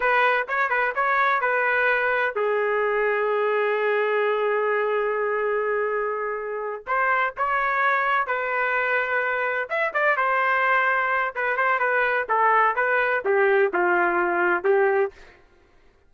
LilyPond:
\new Staff \with { instrumentName = "trumpet" } { \time 4/4 \tempo 4 = 127 b'4 cis''8 b'8 cis''4 b'4~ | b'4 gis'2.~ | gis'1~ | gis'2~ gis'8 c''4 cis''8~ |
cis''4. b'2~ b'8~ | b'8 e''8 d''8 c''2~ c''8 | b'8 c''8 b'4 a'4 b'4 | g'4 f'2 g'4 | }